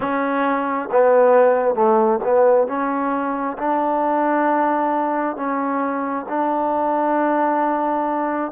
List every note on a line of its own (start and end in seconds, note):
0.00 0.89 C#4
0.91 1.75 B3
1.75 2.19 A3
2.23 2.67 B3
2.67 3.57 C#4
3.58 5.36 D4
5.36 6.26 C#4
6.28 8.51 D4